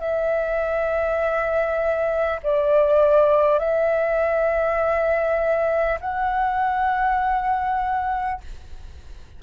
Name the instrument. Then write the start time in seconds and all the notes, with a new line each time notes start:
flute
0.00 E5
2.43 D5
3.59 E5
6.01 F#5